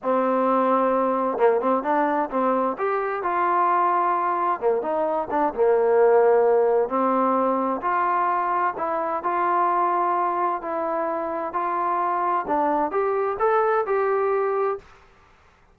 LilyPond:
\new Staff \with { instrumentName = "trombone" } { \time 4/4 \tempo 4 = 130 c'2. ais8 c'8 | d'4 c'4 g'4 f'4~ | f'2 ais8 dis'4 d'8 | ais2. c'4~ |
c'4 f'2 e'4 | f'2. e'4~ | e'4 f'2 d'4 | g'4 a'4 g'2 | }